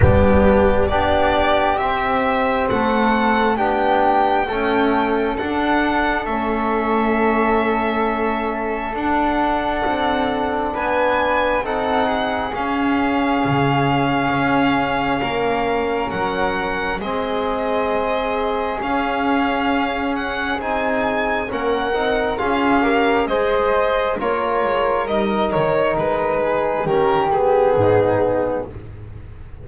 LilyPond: <<
  \new Staff \with { instrumentName = "violin" } { \time 4/4 \tempo 4 = 67 g'4 d''4 e''4 fis''4 | g''2 fis''4 e''4~ | e''2 fis''2 | gis''4 fis''4 f''2~ |
f''2 fis''4 dis''4~ | dis''4 f''4. fis''8 gis''4 | fis''4 f''4 dis''4 cis''4 | dis''8 cis''8 b'4 ais'8 gis'4. | }
  \new Staff \with { instrumentName = "flute" } { \time 4/4 d'4 g'2 a'4 | g'4 a'2.~ | a'1 | b'4 a'8 gis'2~ gis'8~ |
gis'4 ais'2 gis'4~ | gis'1 | ais'4 gis'8 ais'8 c''4 ais'4~ | ais'4. gis'8 g'4 dis'4 | }
  \new Staff \with { instrumentName = "trombone" } { \time 4/4 b4 d'4 c'2 | d'4 a4 d'4 cis'4~ | cis'2 d'2~ | d'4 dis'4 cis'2~ |
cis'2. c'4~ | c'4 cis'2 dis'4 | cis'8 dis'8 f'8 g'8 gis'4 f'4 | dis'2 cis'8 b4. | }
  \new Staff \with { instrumentName = "double bass" } { \time 4/4 g4 b4 c'4 a4 | b4 cis'4 d'4 a4~ | a2 d'4 c'4 | b4 c'4 cis'4 cis4 |
cis'4 ais4 fis4 gis4~ | gis4 cis'2 c'4 | ais8 c'8 cis'4 gis4 ais8 gis8 | g8 dis8 gis4 dis4 gis,4 | }
>>